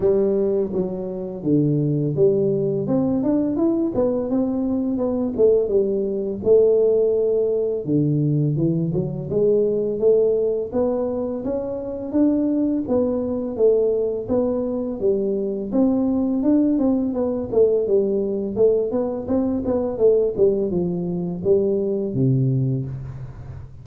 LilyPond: \new Staff \with { instrumentName = "tuba" } { \time 4/4 \tempo 4 = 84 g4 fis4 d4 g4 | c'8 d'8 e'8 b8 c'4 b8 a8 | g4 a2 d4 | e8 fis8 gis4 a4 b4 |
cis'4 d'4 b4 a4 | b4 g4 c'4 d'8 c'8 | b8 a8 g4 a8 b8 c'8 b8 | a8 g8 f4 g4 c4 | }